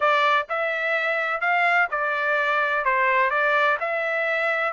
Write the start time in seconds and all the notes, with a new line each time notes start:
0.00 D5
0.49 E5
1.40 F5
1.90 D5
2.85 C5
3.30 D5
3.79 E5